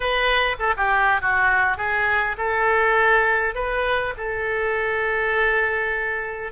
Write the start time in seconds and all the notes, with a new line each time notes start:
0.00 B4
0.59 A4
0.76 G4
1.21 F#4
1.77 G#4
2.37 A4
3.54 B4
4.17 A4